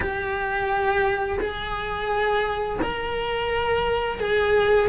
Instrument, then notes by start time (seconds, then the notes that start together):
cello
0.00 G4
1.39 G#4
2.82 A#4
4.20 G#4